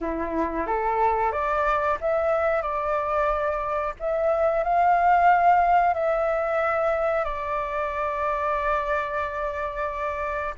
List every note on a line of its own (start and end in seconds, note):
0.00 0.66 E4
0.66 1.32 A4
1.32 1.98 D5
2.00 2.62 E5
2.62 3.94 D5
3.99 4.63 E5
4.63 5.93 F5
5.93 7.24 E5
7.24 10.54 D5